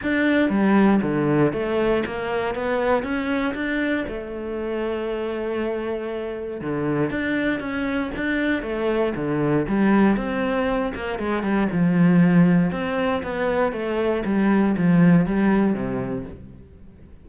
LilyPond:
\new Staff \with { instrumentName = "cello" } { \time 4/4 \tempo 4 = 118 d'4 g4 d4 a4 | ais4 b4 cis'4 d'4 | a1~ | a4 d4 d'4 cis'4 |
d'4 a4 d4 g4 | c'4. ais8 gis8 g8 f4~ | f4 c'4 b4 a4 | g4 f4 g4 c4 | }